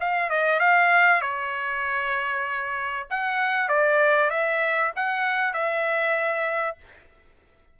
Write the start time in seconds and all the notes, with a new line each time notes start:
0.00 F5
0.30 D#5
0.59 F5
1.21 C#5
3.10 F#5
3.68 D5
4.30 E5
4.96 F#5
5.53 E5